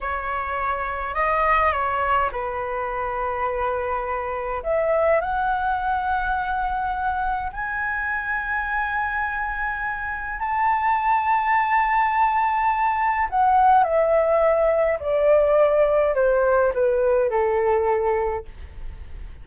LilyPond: \new Staff \with { instrumentName = "flute" } { \time 4/4 \tempo 4 = 104 cis''2 dis''4 cis''4 | b'1 | e''4 fis''2.~ | fis''4 gis''2.~ |
gis''2 a''2~ | a''2. fis''4 | e''2 d''2 | c''4 b'4 a'2 | }